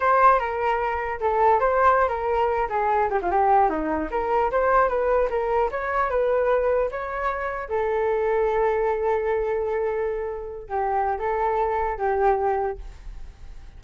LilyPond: \new Staff \with { instrumentName = "flute" } { \time 4/4 \tempo 4 = 150 c''4 ais'2 a'4 | c''4~ c''16 ais'4. gis'4 g'16 | f'16 g'4 dis'4 ais'4 c''8.~ | c''16 b'4 ais'4 cis''4 b'8.~ |
b'4~ b'16 cis''2 a'8.~ | a'1~ | a'2~ a'8. g'4~ g'16 | a'2 g'2 | }